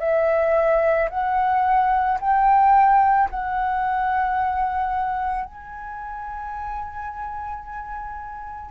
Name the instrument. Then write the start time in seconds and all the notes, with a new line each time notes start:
flute
0.00 E5
1.10 F#5
2.21 G5
3.30 F#5
5.45 G#5